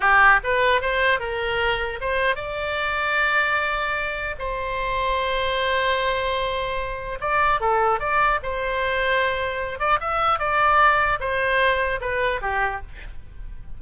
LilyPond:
\new Staff \with { instrumentName = "oboe" } { \time 4/4 \tempo 4 = 150 g'4 b'4 c''4 ais'4~ | ais'4 c''4 d''2~ | d''2. c''4~ | c''1~ |
c''2 d''4 a'4 | d''4 c''2.~ | c''8 d''8 e''4 d''2 | c''2 b'4 g'4 | }